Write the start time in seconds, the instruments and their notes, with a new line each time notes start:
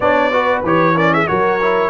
0.00 tuba B3, trombone D4, horn C#5, trumpet D5
0.32 trombone F#4, horn B4
0.63 tuba E3, trombone G4, trumpet C#5
0.94 trombone C#4, horn A#4, trumpet D5
1.13 horn G#4, trumpet E5
1.27 tuba F#3, trombone F#4, horn A#4, trumpet C#5
1.61 trombone E4